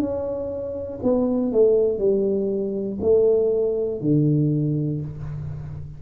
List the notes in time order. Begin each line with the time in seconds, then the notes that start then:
0.00 C#4
1.03 B3
1.52 A3
1.99 G3
3.01 A3
4.00 D3